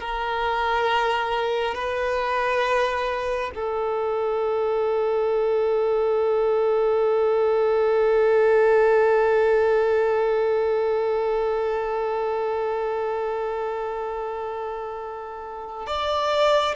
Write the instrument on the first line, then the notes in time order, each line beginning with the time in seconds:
violin
0.00 A#4
1.74 B4
3.55 A4
15.87 D5